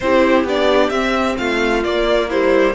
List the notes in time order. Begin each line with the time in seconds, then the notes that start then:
0.00 C4 E4 G4 C5
0.44 B3 D4 D5
0.89 C4 E5
1.37 A3 F4 F5
1.83 A#3 D5
2.29 G3 E4 C5